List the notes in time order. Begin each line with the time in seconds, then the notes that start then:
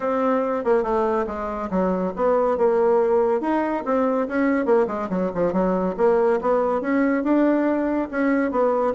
0.00 C4
0.64 A#3
0.83 A3
1.26 G#3
1.70 F#3
2.16 B3
2.57 A#3
3.40 D#4
3.85 C4
4.28 C#4
4.65 A#3
4.87 G#3
5.09 F#3
5.34 F3
5.52 F#3
5.97 A#3
6.41 B3
6.81 C#4
7.23 D4
8.10 C#4
8.51 B3